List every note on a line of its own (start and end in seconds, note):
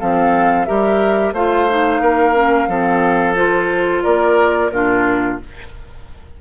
0.00 0.69 F3
0.00 0.67 C4
0.00 0.67 A4
0.00 0.66 F5
0.66 1.33 G3
0.66 1.34 G4
0.66 1.34 A#4
0.66 1.33 E5
1.33 2.00 A3
1.33 1.69 F4
1.33 2.02 C5
1.33 3.36 F5
1.69 2.35 D#4
2.02 2.68 A#3
2.02 2.69 A#4
2.35 2.69 C#4
2.68 4.03 F3
2.68 3.36 C4
2.68 4.04 A4
3.36 4.71 F4
3.36 4.03 C5
4.03 4.71 A#3
4.03 4.71 A#4
4.03 4.71 D5
4.71 5.39 A#2
4.71 5.41 D4
4.71 5.41 F4
4.71 5.38 A#4